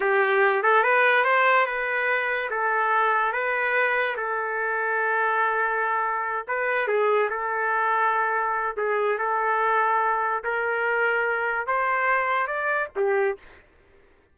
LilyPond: \new Staff \with { instrumentName = "trumpet" } { \time 4/4 \tempo 4 = 144 g'4. a'8 b'4 c''4 | b'2 a'2 | b'2 a'2~ | a'2.~ a'8 b'8~ |
b'8 gis'4 a'2~ a'8~ | a'4 gis'4 a'2~ | a'4 ais'2. | c''2 d''4 g'4 | }